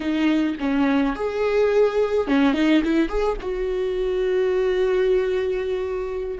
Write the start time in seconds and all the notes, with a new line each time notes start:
0.00 D#4
0.59 C#4
1.15 G#4
2.27 C#4
2.53 D#4
2.83 E4
3.08 G#4
3.41 F#4